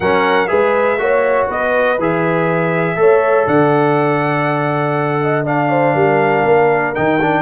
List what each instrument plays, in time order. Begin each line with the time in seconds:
0.00 tuba F#3, trombone C#4, horn A#4, trumpet F#5
0.47 tuba G#3, trombone G#4, horn B4, trumpet E5
0.98 tuba A#3, trombone F#4, horn C#5
1.47 tuba B3, horn B4, trumpet D#5
1.98 tuba E3, trombone G#4, trumpet E5
2.96 tuba A3, trombone A4, horn C#5
3.46 tuba D3, horn D5, trumpet F#5
5.21 horn D#5
5.45 trombone D4, horn D5, trumpet F5
5.70 horn C5
5.94 tuba G3, horn A#4
6.43 tuba A#3
6.95 tuba D#3, trombone D#4, trumpet G5
7.21 trombone D4